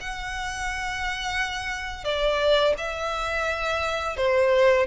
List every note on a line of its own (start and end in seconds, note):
0.00 2.04 F#5
2.04 2.74 D5
2.77 4.16 E5
4.16 4.86 C5